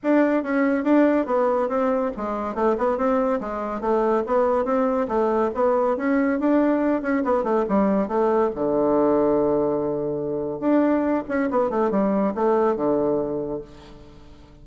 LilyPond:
\new Staff \with { instrumentName = "bassoon" } { \time 4/4 \tempo 4 = 141 d'4 cis'4 d'4 b4 | c'4 gis4 a8 b8 c'4 | gis4 a4 b4 c'4 | a4 b4 cis'4 d'4~ |
d'8 cis'8 b8 a8 g4 a4 | d1~ | d4 d'4. cis'8 b8 a8 | g4 a4 d2 | }